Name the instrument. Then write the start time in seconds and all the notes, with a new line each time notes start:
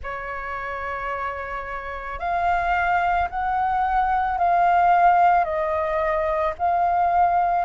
flute
0.03 C#5
2.19 F5
3.30 F#5
4.37 F5
5.44 D#5
6.58 F5